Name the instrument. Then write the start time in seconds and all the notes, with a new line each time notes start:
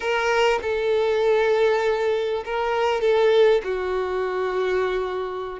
violin
0.00 A#4
0.62 A4
2.45 A#4
3.01 A4
3.64 F#4